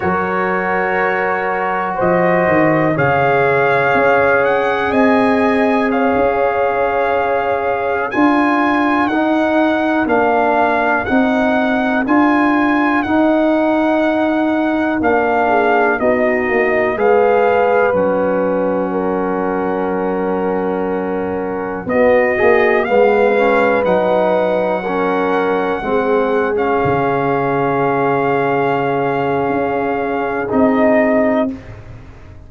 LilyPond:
<<
  \new Staff \with { instrumentName = "trumpet" } { \time 4/4 \tempo 4 = 61 cis''2 dis''4 f''4~ | f''8 fis''8 gis''4 f''2~ | f''16 gis''4 fis''4 f''4 fis''8.~ | fis''16 gis''4 fis''2 f''8.~ |
f''16 dis''4 f''4 fis''4.~ fis''16~ | fis''2~ fis''16 dis''4 f''8.~ | f''16 fis''2~ fis''8. f''4~ | f''2. dis''4 | }
  \new Staff \with { instrumentName = "horn" } { \time 4/4 ais'2 c''4 cis''4~ | cis''4 dis''4 cis''2~ | cis''16 ais'2.~ ais'8.~ | ais'2.~ ais'8. gis'16~ |
gis'16 fis'4 b'2 ais'8.~ | ais'2~ ais'16 fis'4 b'8.~ | b'4~ b'16 ais'4 gis'4.~ gis'16~ | gis'1 | }
  \new Staff \with { instrumentName = "trombone" } { \time 4/4 fis'2. gis'4~ | gis'1~ | gis'16 f'4 dis'4 d'4 dis'8.~ | dis'16 f'4 dis'2 d'8.~ |
d'16 dis'4 gis'4 cis'4.~ cis'16~ | cis'2~ cis'16 b8 gis'8 b8 cis'16~ | cis'16 dis'4 cis'4 c'8. cis'4~ | cis'2. dis'4 | }
  \new Staff \with { instrumentName = "tuba" } { \time 4/4 fis2 f8 dis8 cis4 | cis'4 c'4~ c'16 cis'4.~ cis'16~ | cis'16 d'4 dis'4 ais4 c'8.~ | c'16 d'4 dis'2 ais8.~ |
ais16 b8 ais8 gis4 fis4.~ fis16~ | fis2~ fis16 b8 ais8 gis8.~ | gis16 fis2 gis4 cis8.~ | cis2 cis'4 c'4 | }
>>